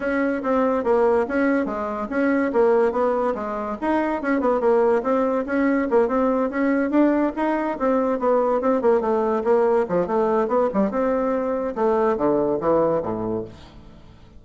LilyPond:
\new Staff \with { instrumentName = "bassoon" } { \time 4/4 \tempo 4 = 143 cis'4 c'4 ais4 cis'4 | gis4 cis'4 ais4 b4 | gis4 dis'4 cis'8 b8 ais4 | c'4 cis'4 ais8 c'4 cis'8~ |
cis'8 d'4 dis'4 c'4 b8~ | b8 c'8 ais8 a4 ais4 f8 | a4 b8 g8 c'2 | a4 d4 e4 a,4 | }